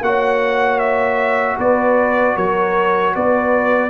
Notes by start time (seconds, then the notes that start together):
0.00 A#3 F#4 C#5 F#5
0.78 E5
1.58 B3 B4 D5
2.35 F#3 A#4 C#5
3.15 B3 B4 D5